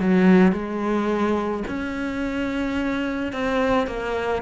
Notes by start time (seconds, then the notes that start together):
0.00 F#3
0.52 G#3
1.67 C#4
3.33 C4
3.87 A#3